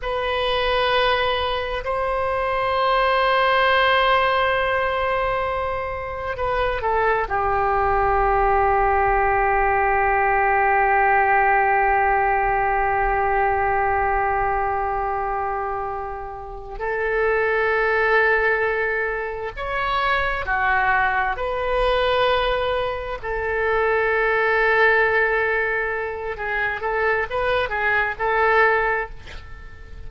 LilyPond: \new Staff \with { instrumentName = "oboe" } { \time 4/4 \tempo 4 = 66 b'2 c''2~ | c''2. b'8 a'8 | g'1~ | g'1~ |
g'2~ g'8 a'4.~ | a'4. cis''4 fis'4 b'8~ | b'4. a'2~ a'8~ | a'4 gis'8 a'8 b'8 gis'8 a'4 | }